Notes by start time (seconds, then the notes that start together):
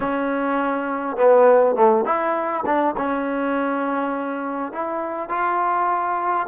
0.00 C#4
1.17 B3
1.75 A3
2.05 E4
2.66 D4
2.97 C#4
4.72 E4
5.29 F4